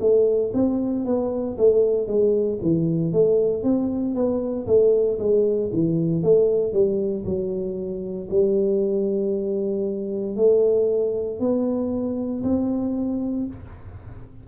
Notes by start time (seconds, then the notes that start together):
0.00 A3
0.54 C4
1.05 B3
1.58 A3
2.07 G#3
2.62 E3
3.12 A3
3.63 C4
4.15 B3
4.67 A3
5.19 G#3
5.73 E3
6.23 A3
6.73 G3
7.25 F#3
8.30 G3
10.36 A3
11.39 B3
12.43 C4